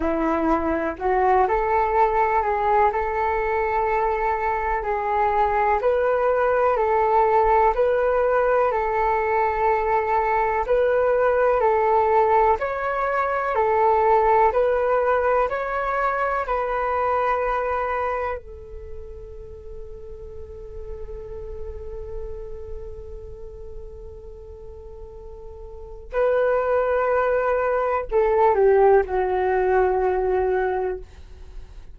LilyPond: \new Staff \with { instrumentName = "flute" } { \time 4/4 \tempo 4 = 62 e'4 fis'8 a'4 gis'8 a'4~ | a'4 gis'4 b'4 a'4 | b'4 a'2 b'4 | a'4 cis''4 a'4 b'4 |
cis''4 b'2 a'4~ | a'1~ | a'2. b'4~ | b'4 a'8 g'8 fis'2 | }